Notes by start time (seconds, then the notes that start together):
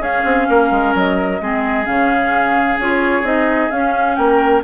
0.00 C#4 G#4 F5
0.25 C4
0.49 A#3 A#4
0.71 G#3
0.95 F#3 D#5
1.41 G#3 C4 G#4
1.85 C#3 C#4 F5
2.78 C#4 F4 C#5
3.23 C4 D#4 D#5
3.71 C#4 F5
4.16 A#3 A#4 G5